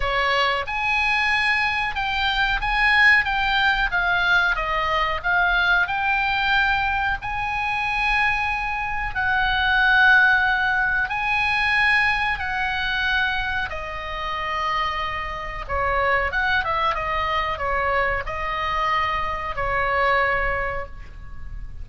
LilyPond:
\new Staff \with { instrumentName = "oboe" } { \time 4/4 \tempo 4 = 92 cis''4 gis''2 g''4 | gis''4 g''4 f''4 dis''4 | f''4 g''2 gis''4~ | gis''2 fis''2~ |
fis''4 gis''2 fis''4~ | fis''4 dis''2. | cis''4 fis''8 e''8 dis''4 cis''4 | dis''2 cis''2 | }